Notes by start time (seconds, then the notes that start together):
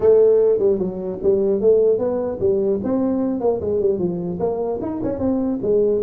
0.00 A3
0.58 G3
0.79 F#3
1.22 G3
1.60 A3
1.98 B3
2.40 G3
2.83 C4
3.40 A#3
3.60 G#3
3.80 G3
3.99 F3
4.39 A#3
4.81 D#4
5.03 C#4
5.19 C4
5.61 G#3